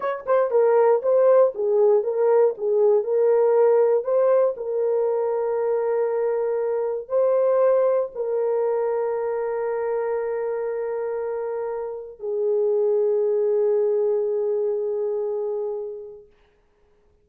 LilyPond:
\new Staff \with { instrumentName = "horn" } { \time 4/4 \tempo 4 = 118 cis''8 c''8 ais'4 c''4 gis'4 | ais'4 gis'4 ais'2 | c''4 ais'2.~ | ais'2 c''2 |
ais'1~ | ais'1 | gis'1~ | gis'1 | }